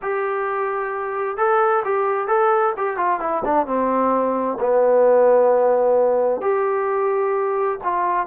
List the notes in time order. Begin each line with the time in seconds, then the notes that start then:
0.02 G4
1.37 A4
1.84 G4
2.27 A4
2.77 G4
2.96 F4
3.20 E4
3.44 D4
3.66 C4
4.59 B3
6.41 G4
7.83 F4